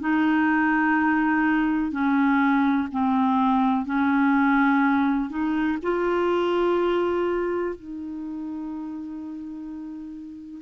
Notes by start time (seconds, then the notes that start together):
0.00 D#4
1.92 C#4
2.92 C4
3.86 C#4
5.30 D#4
5.82 F4
7.76 D#4